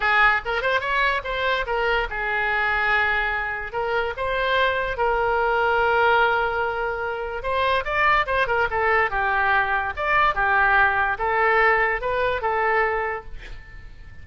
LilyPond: \new Staff \with { instrumentName = "oboe" } { \time 4/4 \tempo 4 = 145 gis'4 ais'8 c''8 cis''4 c''4 | ais'4 gis'2.~ | gis'4 ais'4 c''2 | ais'1~ |
ais'2 c''4 d''4 | c''8 ais'8 a'4 g'2 | d''4 g'2 a'4~ | a'4 b'4 a'2 | }